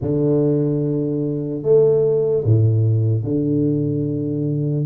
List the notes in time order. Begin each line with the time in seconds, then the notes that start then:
0.01 D3
1.63 A3
2.44 A2
3.23 D3